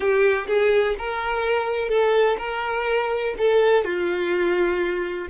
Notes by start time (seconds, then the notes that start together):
0.00 G4
0.47 G#4
0.98 A#4
1.89 A4
2.38 A#4
3.38 A4
3.84 F4